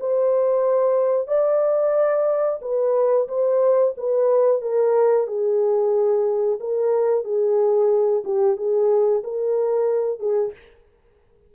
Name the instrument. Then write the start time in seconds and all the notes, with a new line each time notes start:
horn
0.00 C5
1.28 D5
2.61 B4
3.28 C5
3.97 B4
4.62 A#4
5.27 G#4
6.60 A#4
7.24 G#4
8.24 G4
8.57 G#4
9.23 A#4
10.19 G#4